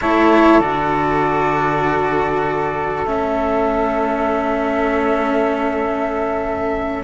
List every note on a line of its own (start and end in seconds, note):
0.01 0.59 A3
0.01 0.61 E4
0.01 7.03 A4
0.01 0.61 C#5
0.59 3.04 D3
0.59 3.06 F#4
0.59 3.05 D5
3.05 7.03 A3
3.05 7.03 C#4
3.05 7.03 E5